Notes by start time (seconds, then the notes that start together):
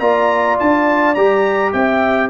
0.00 A#3 F4 D5 A#5
0.60 D4 A5
1.15 G3 G4 A#5
1.73 C4 E5 G5